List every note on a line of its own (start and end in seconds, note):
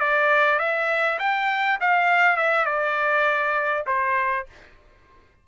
0.00 0.59 D5
0.59 1.19 E5
1.19 1.78 G5
1.81 2.37 F5
2.37 2.65 E5
2.65 3.84 D5
3.87 4.46 C5